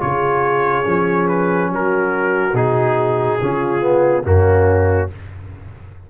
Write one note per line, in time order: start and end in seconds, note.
0.00 0.86 C#3
0.00 0.84 F4
0.00 1.72 G#4
0.00 1.28 C#5
0.84 1.70 F3
0.84 2.53 C#4
1.28 1.70 B4
1.70 2.54 F#3
1.70 3.41 F#4
1.70 2.56 A#4
2.54 3.38 B2
2.54 3.39 D#4
2.54 4.25 G#4
3.42 4.25 C#3
3.42 3.81 C#4
3.42 4.26 F4
3.81 4.23 B3
4.24 5.10 F#2
4.24 5.08 A#3
4.24 5.10 C#4
4.24 5.10 F#4